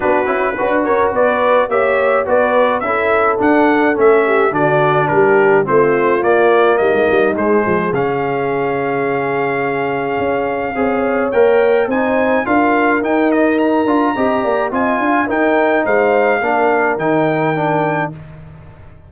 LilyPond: <<
  \new Staff \with { instrumentName = "trumpet" } { \time 4/4 \tempo 4 = 106 b'4. cis''8 d''4 e''4 | d''4 e''4 fis''4 e''4 | d''4 ais'4 c''4 d''4 | dis''4 c''4 f''2~ |
f''1 | g''4 gis''4 f''4 g''8 dis''8 | ais''2 gis''4 g''4 | f''2 g''2 | }
  \new Staff \with { instrumentName = "horn" } { \time 4/4 fis'4 b'8 ais'8 b'4 cis''4 | b'4 a'2~ a'8 g'8 | fis'4 g'4 f'2 | dis'4. gis'2~ gis'8~ |
gis'2. cis''4~ | cis''4 c''4 ais'2~ | ais'4 dis''8 d''8 dis''8 f''8 ais'4 | c''4 ais'2. | }
  \new Staff \with { instrumentName = "trombone" } { \time 4/4 d'8 e'8 fis'2 g'4 | fis'4 e'4 d'4 cis'4 | d'2 c'4 ais4~ | ais4 gis4 cis'2~ |
cis'2. gis'4 | ais'4 dis'4 f'4 dis'4~ | dis'8 f'8 g'4 f'4 dis'4~ | dis'4 d'4 dis'4 d'4 | }
  \new Staff \with { instrumentName = "tuba" } { \time 4/4 b8 cis'8 d'8 cis'8 b4 ais4 | b4 cis'4 d'4 a4 | d4 g4 a4 ais4 | g16 gis16 g8 gis8 f8 cis2~ |
cis2 cis'4 c'4 | ais4 c'4 d'4 dis'4~ | dis'8 d'8 c'8 ais8 c'8 d'8 dis'4 | gis4 ais4 dis2 | }
>>